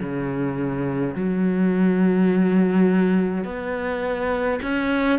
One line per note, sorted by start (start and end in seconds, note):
0.00 1.15 C#3
1.15 3.45 F#3
3.45 4.59 B3
4.63 5.19 C#4